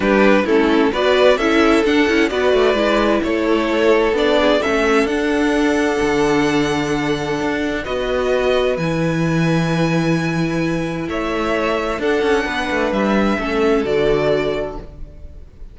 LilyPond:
<<
  \new Staff \with { instrumentName = "violin" } { \time 4/4 \tempo 4 = 130 b'4 a'4 d''4 e''4 | fis''4 d''2 cis''4~ | cis''4 d''4 e''4 fis''4~ | fis''1~ |
fis''4 dis''2 gis''4~ | gis''1 | e''2 fis''2 | e''2 d''2 | }
  \new Staff \with { instrumentName = "violin" } { \time 4/4 g'4 e'4 b'4 a'4~ | a'4 b'2 a'4~ | a'4. gis'8 a'2~ | a'1~ |
a'4 b'2.~ | b'1 | cis''2 a'4 b'4~ | b'4 a'2. | }
  \new Staff \with { instrumentName = "viola" } { \time 4/4 d'4 cis'4 fis'4 e'4 | d'8 e'8 fis'4 e'2~ | e'4 d'4 cis'4 d'4~ | d'1~ |
d'4 fis'2 e'4~ | e'1~ | e'2 d'2~ | d'4 cis'4 fis'2 | }
  \new Staff \with { instrumentName = "cello" } { \time 4/4 g4 a4 b4 cis'4 | d'8 cis'8 b8 a8 gis4 a4~ | a4 b4 a4 d'4~ | d'4 d2. |
d'4 b2 e4~ | e1 | a2 d'8 cis'8 b8 a8 | g4 a4 d2 | }
>>